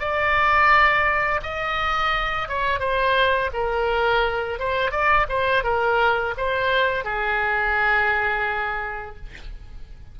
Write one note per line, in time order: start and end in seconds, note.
0.00 1.41 D5
1.43 2.49 D#5
2.49 2.80 C#5
2.80 3.51 C5
3.54 4.59 A#4
4.59 4.92 C5
4.92 5.27 D5
5.29 5.64 C5
5.64 6.35 A#4
6.38 7.05 C5
7.05 9.17 G#4